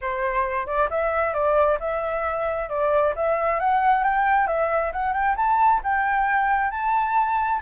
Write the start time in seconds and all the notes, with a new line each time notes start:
0.01 C5
0.66 D5
0.90 E5
1.33 D5
1.79 E5
2.69 D5
3.15 E5
3.59 F#5
4.03 G5
4.47 E5
4.92 F#5
5.13 G5
5.36 A5
5.83 G5
6.70 A5